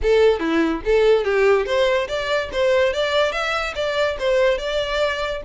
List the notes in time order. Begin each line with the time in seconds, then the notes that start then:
0.02 A4
0.39 E4
0.84 A4
1.24 G4
1.66 C5
2.07 D5
2.52 C5
2.93 D5
3.32 E5
3.75 D5
4.19 C5
4.58 D5